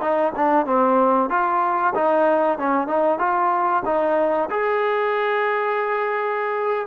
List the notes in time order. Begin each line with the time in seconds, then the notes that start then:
0.00 D#4
0.35 D4
0.66 C4
1.29 F4
1.94 D#4
2.58 C#4
2.87 D#4
3.19 F4
3.85 D#4
4.50 G#4